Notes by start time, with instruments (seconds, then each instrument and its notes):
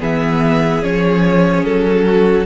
0.00 cello E3, viola B3, violin G#4 E5
0.82 cello F3, viola C#4, violin C#5
1.65 cello F#3, violin A4
2.06 violin F#4